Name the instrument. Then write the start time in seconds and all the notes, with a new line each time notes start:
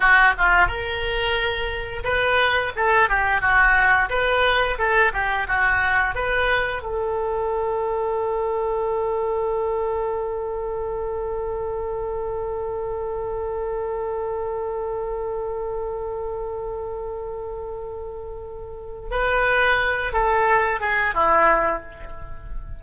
oboe
0.00 F#4
0.37 F4
0.67 A#4
2.04 B4
2.76 A4
3.09 G4
3.41 F#4
4.09 B4
4.78 A4
5.13 G4
5.47 F#4
6.15 B4
6.82 A4
19.10 B4
20.12 A4
20.80 G#4
21.14 E4